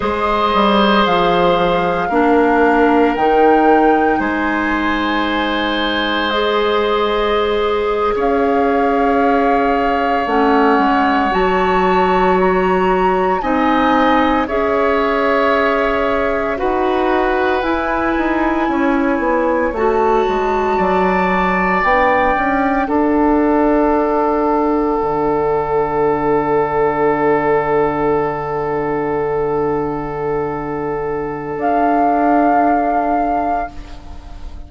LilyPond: <<
  \new Staff \with { instrumentName = "flute" } { \time 4/4 \tempo 4 = 57 dis''4 f''2 g''4 | gis''2 dis''4.~ dis''16 f''16~ | f''4.~ f''16 fis''4 a''4 ais''16~ | ais''8. gis''4 e''2 fis''16~ |
fis''8. gis''2 a''4~ a''16~ | a''8. g''4 fis''2~ fis''16~ | fis''1~ | fis''2 f''2 | }
  \new Staff \with { instrumentName = "oboe" } { \time 4/4 c''2 ais'2 | c''2.~ c''8. cis''16~ | cis''1~ | cis''8. dis''4 cis''2 b'16~ |
b'4.~ b'16 cis''2 d''16~ | d''4.~ d''16 a'2~ a'16~ | a'1~ | a'1 | }
  \new Staff \with { instrumentName = "clarinet" } { \time 4/4 gis'2 d'4 dis'4~ | dis'2 gis'2~ | gis'4.~ gis'16 cis'4 fis'4~ fis'16~ | fis'8. dis'4 gis'2 fis'16~ |
fis'8. e'2 fis'4~ fis'16~ | fis'8. d'2.~ d'16~ | d'1~ | d'1 | }
  \new Staff \with { instrumentName = "bassoon" } { \time 4/4 gis8 g8 f4 ais4 dis4 | gis2.~ gis8. cis'16~ | cis'4.~ cis'16 a8 gis8 fis4~ fis16~ | fis8. c'4 cis'2 dis'16~ |
dis'8. e'8 dis'8 cis'8 b8 a8 gis8 fis16~ | fis8. b8 cis'8 d'2 d16~ | d1~ | d2 d'2 | }
>>